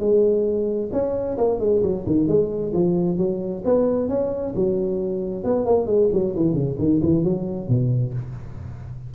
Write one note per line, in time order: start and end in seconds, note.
0.00 0.90 G#3
0.92 1.38 C#4
1.38 1.60 A#3
1.60 1.82 G#3
1.83 2.05 F#3
2.06 2.28 D#3
2.28 2.73 G#3
2.73 3.18 F3
3.18 3.63 F#3
3.65 4.09 B3
4.09 4.54 C#4
4.55 5.44 F#3
5.44 5.66 B3
5.66 5.87 A#3
5.87 6.09 G#3
6.13 6.36 F#3
6.36 6.54 E3
6.54 6.76 C#3
6.79 7.01 D#3
7.03 7.24 E3
7.24 7.69 F#3
7.69 8.14 B2